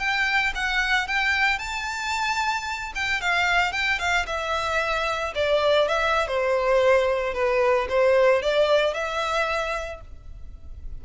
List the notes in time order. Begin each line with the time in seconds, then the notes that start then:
0.00 G5
0.56 F#5
1.08 G5
1.59 A5
2.96 G5
3.22 F5
3.73 G5
4.00 F5
4.27 E5
5.35 D5
5.89 E5
6.28 C5
7.34 B4
7.90 C5
8.43 D5
8.94 E5